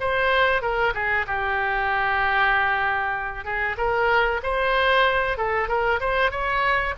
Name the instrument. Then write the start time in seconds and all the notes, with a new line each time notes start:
oboe
0.00 C5
0.62 A#4
0.94 G#4
1.27 G4
3.45 G#4
3.78 A#4
4.43 C5
5.37 A4
5.68 A#4
6.00 C5
6.31 C#5